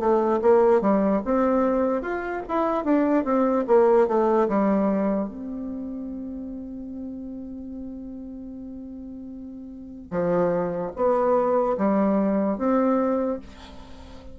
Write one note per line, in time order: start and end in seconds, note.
0.00 0.41 A3
0.42 0.81 A#3
0.81 1.22 G3
1.25 2.02 C4
2.02 2.43 F4
2.49 2.85 E4
2.85 3.25 D4
3.25 3.65 C4
3.67 4.08 A#3
4.08 4.49 A3
4.49 5.29 G3
5.29 10.11 C4
10.11 10.92 F3
10.96 11.77 B3
11.78 12.58 G3
12.58 13.39 C4